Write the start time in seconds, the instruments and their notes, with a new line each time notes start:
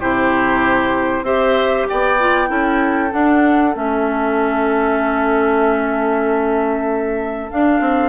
0.00 bassoon C3, clarinet E4, oboe G4, flute C5
1.23 bassoon C4, clarinet G4, oboe C5, flute E5
1.88 bassoon B3, oboe D5, flute G5
2.19 clarinet F4
2.47 bassoon C#4, clarinet E4, oboe A4
3.11 clarinet D4, bassoon D4, flute F#5
3.74 bassoon A3, clarinet C#4, flute E5
7.51 clarinet D4, bassoon D4, flute F5
7.80 bassoon C4